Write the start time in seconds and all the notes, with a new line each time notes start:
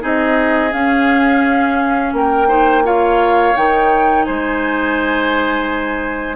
0.00 C4 D#4 G#4 D#5
0.72 C#4 F5
2.13 A#3 A#4 G5
2.48 D#4 C5
2.84 F4 C#5 F5
3.56 D#3 D#4 G5
4.25 G#3 C5 G#5